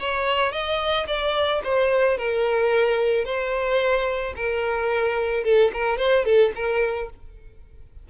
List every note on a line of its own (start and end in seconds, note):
0.00 0.52 C#5
0.52 1.07 D#5
1.08 1.62 D5
1.65 2.18 C5
2.18 3.25 A#4
3.25 4.34 C5
4.37 5.44 A#4
5.44 5.72 A4
5.74 5.98 A#4
5.98 6.25 C5
6.25 6.53 A4
6.56 7.10 A#4